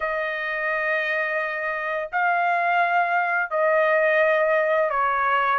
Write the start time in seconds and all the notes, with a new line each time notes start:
0.00 D#5
2.12 F5
3.50 D#5
4.90 C#5